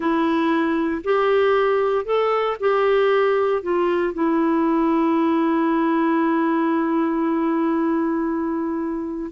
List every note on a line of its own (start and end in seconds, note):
0.00 1.02 E4
1.03 2.05 G4
2.05 2.57 A4
2.60 3.62 G4
3.62 4.13 F4
4.13 9.31 E4